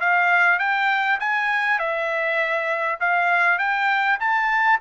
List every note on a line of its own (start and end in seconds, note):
0.00 0.59 F5
0.59 1.19 G5
1.19 1.79 G#5
1.79 2.99 E5
3.00 3.58 F5
3.58 4.18 G5
4.19 4.79 A5